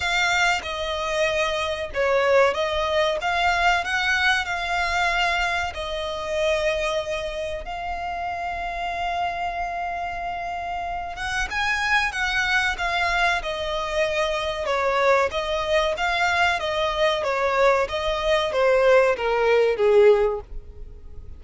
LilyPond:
\new Staff \with { instrumentName = "violin" } { \time 4/4 \tempo 4 = 94 f''4 dis''2 cis''4 | dis''4 f''4 fis''4 f''4~ | f''4 dis''2. | f''1~ |
f''4. fis''8 gis''4 fis''4 | f''4 dis''2 cis''4 | dis''4 f''4 dis''4 cis''4 | dis''4 c''4 ais'4 gis'4 | }